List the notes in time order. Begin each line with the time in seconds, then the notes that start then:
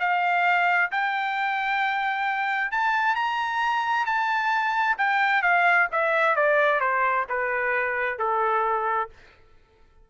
0.00 F5
0.91 G5
2.71 A5
3.15 A#5
4.06 A5
4.98 G5
5.42 F5
5.92 E5
6.36 D5
6.80 C5
7.29 B4
8.19 A4